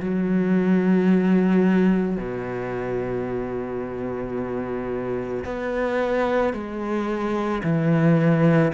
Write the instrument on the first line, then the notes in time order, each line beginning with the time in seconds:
cello
0.00 F#3
2.17 B2
5.44 B3
6.53 G#3
7.63 E3